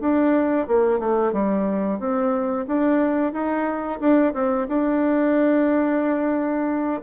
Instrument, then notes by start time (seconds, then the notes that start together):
bassoon
0.00 D4
0.67 A#3
0.99 A3
1.32 G3
1.99 C4
2.67 D4
3.32 D#4
4.00 D4
4.34 C4
4.68 D4